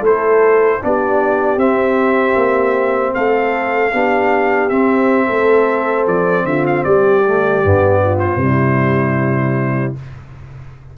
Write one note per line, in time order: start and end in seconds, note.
0.00 0.80 A3
0.00 0.81 E4
0.00 0.78 A4
0.00 0.84 C5
0.82 1.57 B3
0.82 1.58 D4
0.82 3.15 G4
0.82 1.59 D5
1.57 2.35 C4
1.57 3.92 C4
1.57 3.15 E5
2.36 3.14 A#3
3.15 3.93 A3
3.15 3.93 A4
3.15 4.69 F5
3.93 4.71 B3
3.93 4.70 D4
3.93 5.27 G4
4.69 7.23 C4
4.69 5.30 C4
4.69 6.06 E5
5.27 6.07 A3
5.27 6.44 A4
6.07 6.45 F3
6.07 6.46 D5
6.45 6.84 D3
6.45 6.86 F4
6.45 6.66 E5
6.67 6.84 F5
6.84 7.64 G3
6.84 8.02 G4
6.84 8.19 D5
7.27 7.63 A3
7.63 8.37 G2
7.63 8.40 B3
8.04 8.42 F4
8.19 9.95 C5
8.37 9.93 C3
8.37 9.96 G3
8.37 9.98 E4